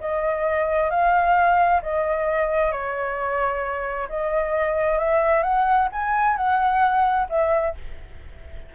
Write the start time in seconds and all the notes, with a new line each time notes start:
0.00 D#5
0.90 F5
1.82 D#5
2.71 C#5
4.09 D#5
4.98 E5
5.43 F#5
5.92 G#5
6.36 F#5
7.29 E5